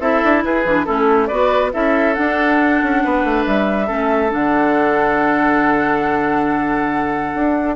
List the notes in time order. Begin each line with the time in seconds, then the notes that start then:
0.00 C4 E4 A4 E5
0.24 D4
0.44 E4 G#4 B4
0.65 E3 D4
0.85 A3 C#4 E4 A4
1.27 B3 F#4 B4 D5
1.72 C#4 E4 A4 E5
2.14 D4 F#5
2.83 C#4
3.04 B3 B4
3.24 A3
3.46 G3 E5
3.87 A3 C#4 A4
4.29 D3 D4 F#5
7.35 D4